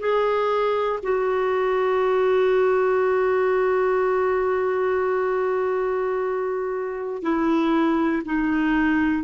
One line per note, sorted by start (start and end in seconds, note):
0.00 1.00 G#4
1.03 7.23 F#4
7.23 8.23 E4
8.25 9.24 D#4